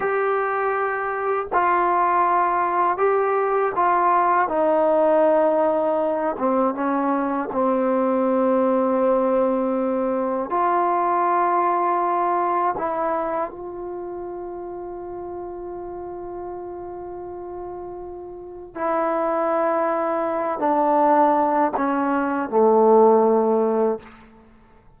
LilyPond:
\new Staff \with { instrumentName = "trombone" } { \time 4/4 \tempo 4 = 80 g'2 f'2 | g'4 f'4 dis'2~ | dis'8 c'8 cis'4 c'2~ | c'2 f'2~ |
f'4 e'4 f'2~ | f'1~ | f'4 e'2~ e'8 d'8~ | d'4 cis'4 a2 | }